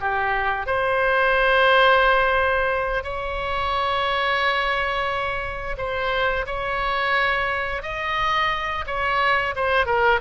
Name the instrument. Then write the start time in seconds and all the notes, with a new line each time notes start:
oboe
0.00 G4
0.66 C5
3.03 C#5
5.77 C5
6.46 C#5
7.82 D#5
8.86 C#5
9.55 C5
9.86 A#4